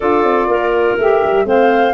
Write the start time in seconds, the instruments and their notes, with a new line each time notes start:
0.00 tuba D4, saxophone F4, clarinet A4, flute D5
0.23 tuba C4
0.47 tuba A#3, clarinet A#4
0.97 tuba A3, saxophone G4, flute E5
1.24 tuba G3
1.45 tuba A3, saxophone C4, clarinet C5, flute F5